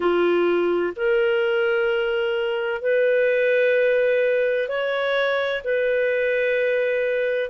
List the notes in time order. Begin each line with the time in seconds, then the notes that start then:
0.00 F4
0.96 A#4
2.81 B4
4.68 C#5
5.63 B4